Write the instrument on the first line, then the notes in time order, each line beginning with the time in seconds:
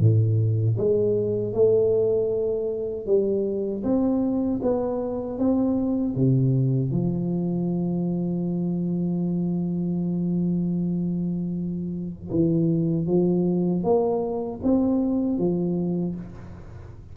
tuba
0.00 A2
0.78 G#3
1.53 A3
3.07 G3
3.84 C4
4.63 B3
5.39 C4
6.15 C3
6.91 F3
12.31 E3
13.07 F3
13.84 A#3
14.64 C4
15.39 F3